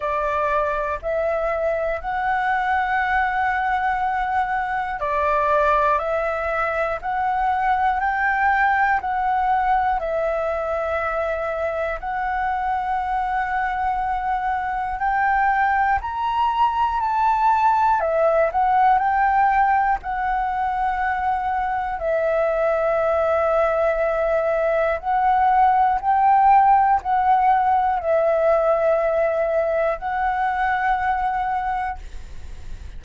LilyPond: \new Staff \with { instrumentName = "flute" } { \time 4/4 \tempo 4 = 60 d''4 e''4 fis''2~ | fis''4 d''4 e''4 fis''4 | g''4 fis''4 e''2 | fis''2. g''4 |
ais''4 a''4 e''8 fis''8 g''4 | fis''2 e''2~ | e''4 fis''4 g''4 fis''4 | e''2 fis''2 | }